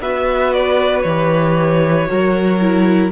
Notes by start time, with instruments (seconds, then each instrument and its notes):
0.00 cello B3, viola F#4, violin B4 E5
0.53 violin D5
1.01 cello E3, violin C#5
1.08 viola G4
2.07 cello F#3, viola F#4, violin A#4
2.61 viola E4